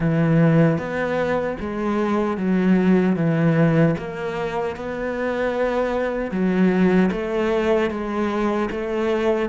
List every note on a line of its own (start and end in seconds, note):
0.00 0.78 E3
0.78 1.56 B3
1.60 2.37 G#3
2.37 3.16 F#3
3.16 3.95 E3
3.98 4.75 A#3
4.75 6.31 B3
6.31 7.10 F#3
7.11 7.90 A3
7.90 8.69 G#3
8.70 9.49 A3